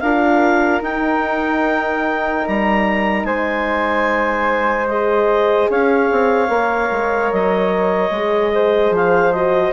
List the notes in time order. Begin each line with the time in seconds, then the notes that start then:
0.00 D4 F4 A#4 F5
0.81 D#4 G5
2.47 G3 A#5
3.24 G#3 C5 G#5
4.88 G#4 D#5
5.70 C#4 C#5 F5
6.12 C4
6.49 A#3 A#4
6.92 G#3
7.32 F#3 D#5
8.10 G#3 G#4
8.54 C5
8.91 F3 F5
9.33 F#4 D#5